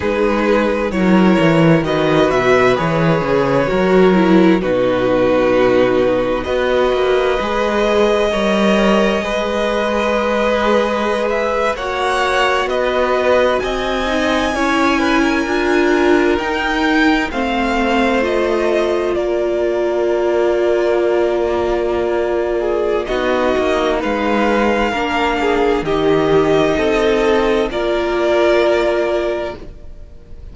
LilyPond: <<
  \new Staff \with { instrumentName = "violin" } { \time 4/4 \tempo 4 = 65 b'4 cis''4 dis''8 e''8 cis''4~ | cis''4 b'2 dis''4~ | dis''1~ | dis''16 e''8 fis''4 dis''4 gis''4~ gis''16~ |
gis''4.~ gis''16 g''4 f''4 dis''16~ | dis''8. d''2.~ d''16~ | d''4 dis''4 f''2 | dis''2 d''2 | }
  \new Staff \with { instrumentName = "violin" } { \time 4/4 gis'4 ais'4 b'2 | ais'4 fis'2 b'4~ | b'4 cis''4 b'2~ | b'8. cis''4 b'4 dis''4 cis''16~ |
cis''16 b'16 ais'2~ ais'16 c''4~ c''16~ | c''8. ais'2.~ ais'16~ | ais'8 gis'8 fis'4 b'4 ais'8 gis'8 | g'4 a'4 ais'2 | }
  \new Staff \with { instrumentName = "viola" } { \time 4/4 dis'4 e'4 fis'4 gis'4 | fis'8 e'8 dis'2 fis'4 | gis'4 ais'4 gis'2~ | gis'8. fis'2~ fis'8 dis'8 e'16~ |
e'8. f'4 dis'4 c'4 f'16~ | f'1~ | f'4 dis'2 d'4 | dis'2 f'2 | }
  \new Staff \with { instrumentName = "cello" } { \time 4/4 gis4 fis8 e8 dis8 b,8 e8 cis8 | fis4 b,2 b8 ais8 | gis4 g4 gis2~ | gis8. ais4 b4 c'4 cis'16~ |
cis'8. d'4 dis'4 a4~ a16~ | a8. ais2.~ ais16~ | ais4 b8 ais8 gis4 ais4 | dis4 c'4 ais2 | }
>>